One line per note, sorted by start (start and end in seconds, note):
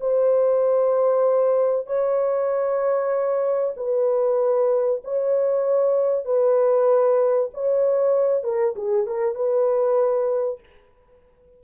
0.00 1.86 C5
1.86 3.74 C#5
3.76 5.01 B4
5.04 6.25 C#5
6.25 7.50 B4
7.54 8.43 C#5
8.43 8.74 A#4
8.76 9.07 G#4
9.07 9.35 A#4
9.35 10.60 B4